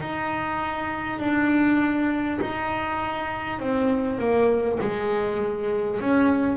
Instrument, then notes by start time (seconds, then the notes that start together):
double bass
0.00 D#4
1.19 D4
2.41 D#4
3.59 C4
4.18 A#3
4.81 G#3
6.01 C#4